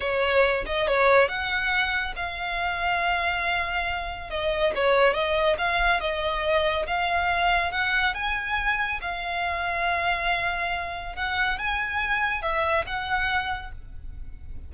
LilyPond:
\new Staff \with { instrumentName = "violin" } { \time 4/4 \tempo 4 = 140 cis''4. dis''8 cis''4 fis''4~ | fis''4 f''2.~ | f''2 dis''4 cis''4 | dis''4 f''4 dis''2 |
f''2 fis''4 gis''4~ | gis''4 f''2.~ | f''2 fis''4 gis''4~ | gis''4 e''4 fis''2 | }